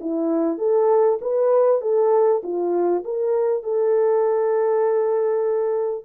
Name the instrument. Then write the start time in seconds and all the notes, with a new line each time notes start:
horn
0.00 E4
0.58 A4
1.21 B4
1.81 A4
2.43 F4
3.04 A#4
3.63 A4